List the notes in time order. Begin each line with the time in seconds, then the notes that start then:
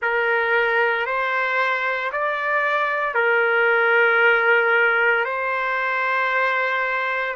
0.01 A#4
1.06 C5
2.11 D5
3.14 A#4
5.24 C5